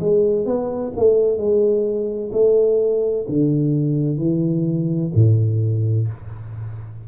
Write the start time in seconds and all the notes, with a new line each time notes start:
0.00 G#3
0.45 B3
0.96 A3
1.37 G#3
2.32 A3
3.29 D3
4.18 E3
5.14 A2